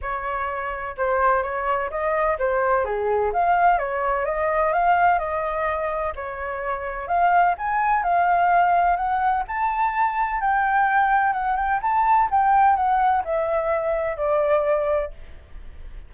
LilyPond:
\new Staff \with { instrumentName = "flute" } { \time 4/4 \tempo 4 = 127 cis''2 c''4 cis''4 | dis''4 c''4 gis'4 f''4 | cis''4 dis''4 f''4 dis''4~ | dis''4 cis''2 f''4 |
gis''4 f''2 fis''4 | a''2 g''2 | fis''8 g''8 a''4 g''4 fis''4 | e''2 d''2 | }